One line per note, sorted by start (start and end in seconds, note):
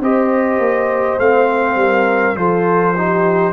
0.00 0.58 C4
0.00 1.20 G4
0.00 1.78 C5
0.00 1.19 D#5
0.58 1.17 A#3
1.18 1.75 A3
1.18 2.35 C4
1.18 2.36 F5
1.75 2.34 G3
1.75 2.37 A#4
2.35 3.52 F3
2.35 2.94 F4
2.35 2.96 A4
2.35 3.52 C5
2.97 3.52 D#4
2.97 3.52 G4